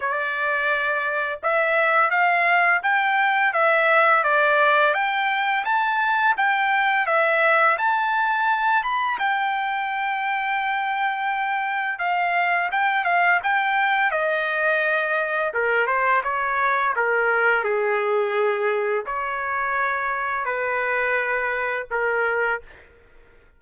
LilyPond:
\new Staff \with { instrumentName = "trumpet" } { \time 4/4 \tempo 4 = 85 d''2 e''4 f''4 | g''4 e''4 d''4 g''4 | a''4 g''4 e''4 a''4~ | a''8 b''8 g''2.~ |
g''4 f''4 g''8 f''8 g''4 | dis''2 ais'8 c''8 cis''4 | ais'4 gis'2 cis''4~ | cis''4 b'2 ais'4 | }